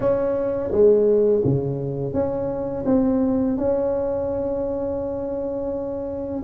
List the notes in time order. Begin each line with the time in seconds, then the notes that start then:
0.00 C#4
0.71 G#3
1.44 C#3
2.13 C#4
2.85 C4
3.57 C#4